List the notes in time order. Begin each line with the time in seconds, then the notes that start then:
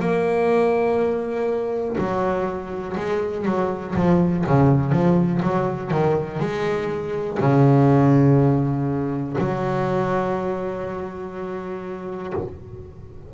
0.00 A#3
1.98 F#3
2.97 G#3
3.46 F#3
3.96 F3
4.47 C#3
4.92 F3
5.43 F#3
5.92 D#3
6.40 G#3
7.40 C#3
9.39 F#3